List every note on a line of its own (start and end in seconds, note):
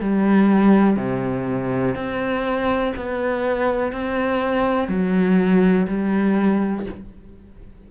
0.00 0.96 G3
0.96 1.94 C3
1.94 2.93 C4
2.96 3.92 B3
3.92 4.88 C4
4.88 5.86 F#3
5.87 6.85 G3